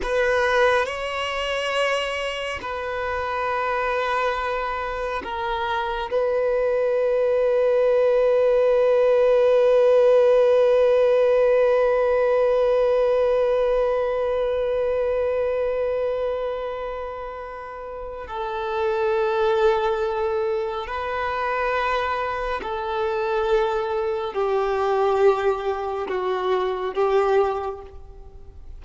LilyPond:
\new Staff \with { instrumentName = "violin" } { \time 4/4 \tempo 4 = 69 b'4 cis''2 b'4~ | b'2 ais'4 b'4~ | b'1~ | b'1~ |
b'1~ | b'4 a'2. | b'2 a'2 | g'2 fis'4 g'4 | }